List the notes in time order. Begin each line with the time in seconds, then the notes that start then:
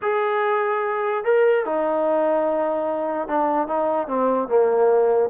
0.01 G#4
1.24 A#4
1.65 D#4
3.28 D4
3.67 D#4
4.07 C4
4.48 A#3